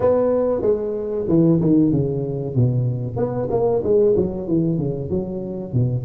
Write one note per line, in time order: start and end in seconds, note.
0.00 0.61 B3
0.61 1.25 G#3
1.28 1.60 E3
1.60 1.91 D#3
1.91 2.55 C#3
2.55 3.16 B2
3.16 3.48 B3
3.50 3.82 A#3
3.83 4.15 G#3
4.16 4.47 F#3
4.47 4.78 E3
4.78 5.09 C#3
5.09 5.73 F#3
5.73 6.05 B2